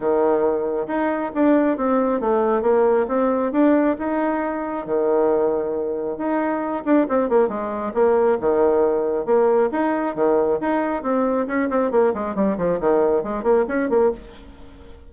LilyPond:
\new Staff \with { instrumentName = "bassoon" } { \time 4/4 \tempo 4 = 136 dis2 dis'4 d'4 | c'4 a4 ais4 c'4 | d'4 dis'2 dis4~ | dis2 dis'4. d'8 |
c'8 ais8 gis4 ais4 dis4~ | dis4 ais4 dis'4 dis4 | dis'4 c'4 cis'8 c'8 ais8 gis8 | g8 f8 dis4 gis8 ais8 cis'8 ais8 | }